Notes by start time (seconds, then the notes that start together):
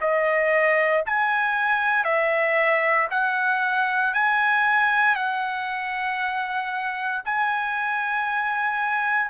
0.00 D#5
1.06 G#5
2.04 E5
3.10 F#5
4.13 G#5
5.15 F#5
7.25 G#5